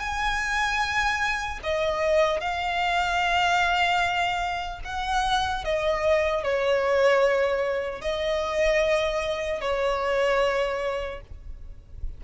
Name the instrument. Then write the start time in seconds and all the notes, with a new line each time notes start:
violin
0.00 G#5
1.64 D#5
2.41 F5
4.85 F#5
5.65 D#5
6.44 C#5
8.01 D#5
9.61 C#5